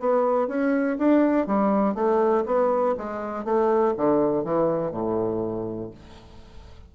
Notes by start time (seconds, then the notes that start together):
0.00 B3
0.48 C#4
0.98 D4
1.47 G3
1.95 A3
2.46 B3
2.98 G#3
3.45 A3
3.97 D3
4.44 E3
4.92 A2